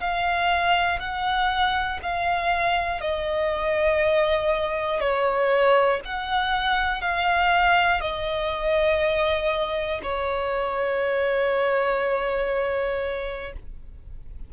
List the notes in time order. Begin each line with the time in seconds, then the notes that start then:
0.00 F5
1.00 F#5
2.02 F5
3.01 D#5
5.00 C#5
6.05 F#5
7.01 F5
8.01 D#5
10.02 C#5